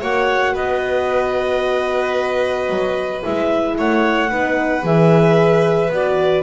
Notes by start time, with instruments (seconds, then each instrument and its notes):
0.00 double bass A#3, horn F#4, violin C#5, clarinet F#5
0.53 double bass B3, violin B4, clarinet D#5
2.69 double bass F#3
3.23 double bass G#3, horn E4, clarinet E5
3.78 double bass A3, violin C#5, clarinet F#5
4.30 double bass B3, horn D#4, violin B4
4.82 double bass E3, horn G#4, clarinet E5
5.90 double bass B3, horn F#4, clarinet D5